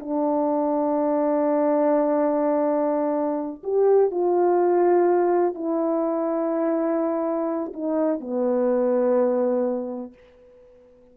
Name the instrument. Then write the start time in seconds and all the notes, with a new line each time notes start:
horn
0.00 D4
3.64 G4
4.11 F4
5.55 E4
7.74 D#4
8.20 B3